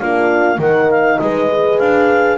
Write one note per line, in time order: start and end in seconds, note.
0.00 0.58 A#3
0.00 0.60 D4
0.00 0.59 F4
0.00 0.60 F5
0.58 1.19 D#3
0.58 1.51 D#4
0.58 1.19 A#4
0.58 0.91 F#5
0.91 1.19 F5
1.19 1.80 G#3
1.19 2.38 B4
1.19 1.79 D#5
1.51 2.38 G#4
1.79 2.38 D4
1.79 2.38 F5